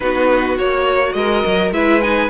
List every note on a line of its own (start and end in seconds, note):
0.00 0.58 B3
0.00 0.57 D#4
0.00 1.16 F#4
0.00 0.56 B4
0.57 1.14 A#3
0.57 1.73 F#4
0.57 1.12 C#5
1.12 1.43 G#3
1.12 1.73 A#4
1.12 1.70 D#5
1.46 1.71 F#3
1.71 2.28 G#3
1.71 2.02 E4
1.71 2.29 B4
1.71 2.01 E5
2.01 2.29 D#4
2.01 2.29 G#5